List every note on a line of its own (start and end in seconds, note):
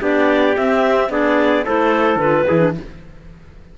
0.00 0.56 B3
0.00 0.55 D4
0.00 1.11 G4
0.00 0.57 D5
0.57 1.09 C4
0.57 1.11 E5
1.09 1.64 B3
1.09 1.64 D4
1.09 1.65 G#4
1.09 1.65 D5
1.65 2.16 A3
1.65 2.21 E4
1.65 2.47 A4
1.65 2.19 C5
2.16 2.43 D3
2.16 2.47 F4
2.16 2.73 B4
2.47 2.78 E3
2.47 2.59 E4
2.47 2.76 G#4
2.59 2.72 D4